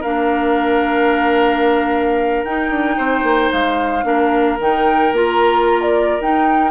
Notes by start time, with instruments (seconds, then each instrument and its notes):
0.00 bassoon A#3, clarinet D4, oboe A#4, flute F5
2.44 bassoon D#4, clarinet D#4, flute G5
2.70 bassoon D4
2.97 bassoon C4, oboe C5
3.22 bassoon A#3
3.51 bassoon G#3, flute F5
4.03 bassoon A#3, clarinet D4, oboe A#4
4.60 bassoon D#3, clarinet D#4, flute G5
5.12 bassoon A#3, clarinet F4, flute A#5
5.81 flute D5
6.20 bassoon D#4, clarinet D#4, flute G5